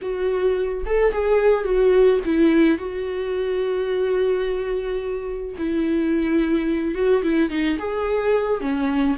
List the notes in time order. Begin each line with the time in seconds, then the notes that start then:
0.01 F#4
0.86 A4
1.12 G#4
1.64 F#4
2.25 E4
2.78 F#4
5.58 E4
6.94 F#4
7.22 E4
7.49 D#4
7.79 G#4
8.60 C#4